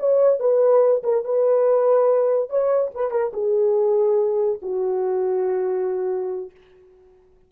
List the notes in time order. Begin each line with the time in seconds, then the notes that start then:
0.00 C#5
0.40 B4
1.03 A#4
1.25 B4
2.49 C#5
2.94 B4
3.11 A#4
3.33 G#4
4.62 F#4